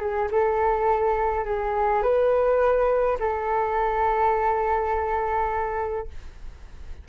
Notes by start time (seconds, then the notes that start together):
0.00 G#4
0.31 A4
1.45 G#4
2.02 B4
3.19 A4